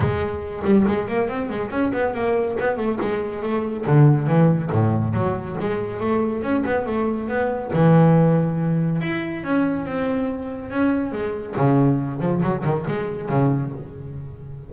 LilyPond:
\new Staff \with { instrumentName = "double bass" } { \time 4/4 \tempo 4 = 140 gis4. g8 gis8 ais8 c'8 gis8 | cis'8 b8 ais4 b8 a8 gis4 | a4 d4 e4 a,4 | fis4 gis4 a4 cis'8 b8 |
a4 b4 e2~ | e4 e'4 cis'4 c'4~ | c'4 cis'4 gis4 cis4~ | cis8 f8 fis8 dis8 gis4 cis4 | }